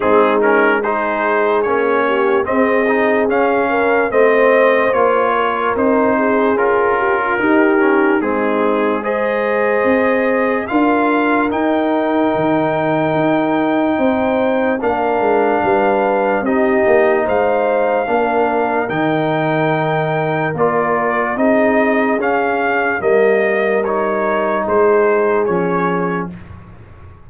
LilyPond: <<
  \new Staff \with { instrumentName = "trumpet" } { \time 4/4 \tempo 4 = 73 gis'8 ais'8 c''4 cis''4 dis''4 | f''4 dis''4 cis''4 c''4 | ais'2 gis'4 dis''4~ | dis''4 f''4 g''2~ |
g''2 f''2 | dis''4 f''2 g''4~ | g''4 d''4 dis''4 f''4 | dis''4 cis''4 c''4 cis''4 | }
  \new Staff \with { instrumentName = "horn" } { \time 4/4 dis'4 gis'4. g'8 gis'4~ | gis'8 ais'8 c''4. ais'4 gis'8~ | gis'8 g'16 f'16 g'4 dis'4 c''4~ | c''4 ais'2.~ |
ais'4 c''4 ais'4 b'4 | g'4 c''4 ais'2~ | ais'2 gis'2 | ais'2 gis'2 | }
  \new Staff \with { instrumentName = "trombone" } { \time 4/4 c'8 cis'8 dis'4 cis'4 c'8 dis'8 | cis'4 c'4 f'4 dis'4 | f'4 dis'8 cis'8 c'4 gis'4~ | gis'4 f'4 dis'2~ |
dis'2 d'2 | dis'2 d'4 dis'4~ | dis'4 f'4 dis'4 cis'4 | ais4 dis'2 cis'4 | }
  \new Staff \with { instrumentName = "tuba" } { \time 4/4 gis2 ais4 c'4 | cis'4 a4 ais4 c'4 | cis'4 dis'4 gis2 | c'4 d'4 dis'4 dis4 |
dis'4 c'4 ais8 gis8 g4 | c'8 ais8 gis4 ais4 dis4~ | dis4 ais4 c'4 cis'4 | g2 gis4 f4 | }
>>